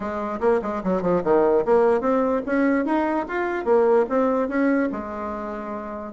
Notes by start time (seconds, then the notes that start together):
0.00 G#3
0.40 A#3
0.61 G#3
0.83 F#3
1.02 F3
1.23 D#3
1.65 A#3
2.01 C4
2.45 C#4
2.85 D#4
3.28 F4
3.64 A#3
4.09 C4
4.48 C#4
4.92 G#3